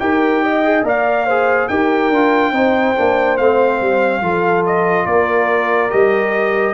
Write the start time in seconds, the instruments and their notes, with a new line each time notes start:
0.00 tuba D#4, trombone G4, horn A#4, trumpet G5
0.44 horn D#5
0.64 trombone G#4
0.84 tuba A#3, trombone A#4, horn D5, trumpet F5
1.27 trombone G#4, horn C5
1.69 tuba D#4, trombone G4, horn A#4, trumpet G5
2.11 tuba D4, trombone F4
2.52 tuba C4, trombone D#4, horn C5
2.96 tuba A#3, trombone D4
3.38 tuba A3, trombone C4, trumpet F5
3.82 tuba G3
4.22 tuba F3, trombone F4, horn A4
4.66 trumpet D#5
5.06 tuba A#3, horn A#4, trumpet D5
5.90 tuba G3, trombone G4, trumpet D#5